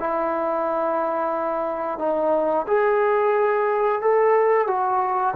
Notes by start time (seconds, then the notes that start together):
0.00 E4
1.99 D#4
2.68 G#4
4.02 A4
4.68 F#4